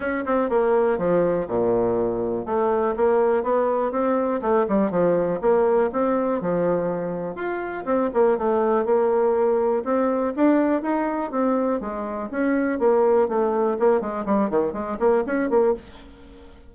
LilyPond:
\new Staff \with { instrumentName = "bassoon" } { \time 4/4 \tempo 4 = 122 cis'8 c'8 ais4 f4 ais,4~ | ais,4 a4 ais4 b4 | c'4 a8 g8 f4 ais4 | c'4 f2 f'4 |
c'8 ais8 a4 ais2 | c'4 d'4 dis'4 c'4 | gis4 cis'4 ais4 a4 | ais8 gis8 g8 dis8 gis8 ais8 cis'8 ais8 | }